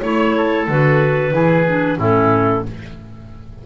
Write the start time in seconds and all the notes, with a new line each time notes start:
0.00 A3 E4 C#5
0.37 A4
0.67 D3 F#4 B4
1.31 E3 E4 G#4
1.67 D4
1.97 A2 C#4 E4 A4